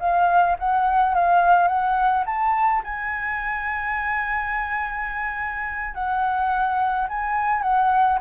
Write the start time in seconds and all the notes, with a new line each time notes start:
0.00 F5
0.59 F#5
1.15 F5
1.68 F#5
2.26 A5
2.84 G#5
5.94 F#5
7.09 G#5
7.62 F#5